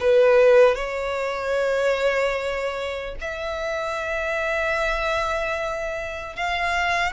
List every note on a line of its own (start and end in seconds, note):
0.00 0.75 B4
0.75 3.15 C#5
3.21 6.36 E5
6.36 7.13 F5